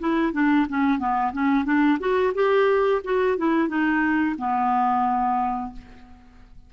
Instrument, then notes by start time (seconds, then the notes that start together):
clarinet
0.00 E4
0.33 D4
0.69 C#4
0.99 B3
1.33 C#4
1.65 D4
2.00 F#4
2.35 G4
3.04 F#4
3.38 E4
3.69 D#4
4.38 B3